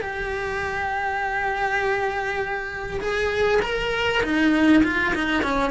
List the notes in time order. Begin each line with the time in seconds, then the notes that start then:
0.00 G4
3.01 G#4
3.62 A#4
4.23 D#4
4.84 F4
5.14 D#4
5.43 C#4